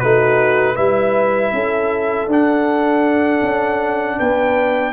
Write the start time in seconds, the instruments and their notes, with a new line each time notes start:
0.00 tuba A3, trombone D#4, horn F#4, trumpet B4
0.75 tuba G3, trombone E4, horn B4, trumpet E5
1.53 tuba C#4, horn A4
2.27 tuba D4, trombone D4, trumpet F#5
3.42 tuba C#4
4.19 tuba B3, horn B4, trumpet G5